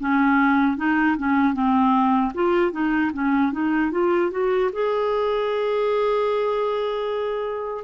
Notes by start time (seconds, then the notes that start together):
0.00 C#4
0.78 D#4
1.18 C#4
1.54 C4
2.35 F4
2.72 D#4
3.13 C#4
3.53 D#4
3.92 F4
4.32 F#4
4.73 G#4